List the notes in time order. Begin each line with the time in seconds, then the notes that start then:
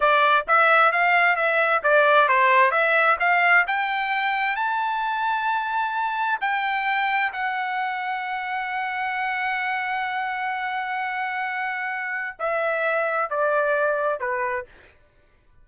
0.00 D5
0.47 E5
0.92 F5
1.36 E5
1.83 D5
2.28 C5
2.71 E5
3.19 F5
3.67 G5
4.56 A5
6.40 G5
7.32 F#5
12.39 E5
13.30 D5
14.20 B4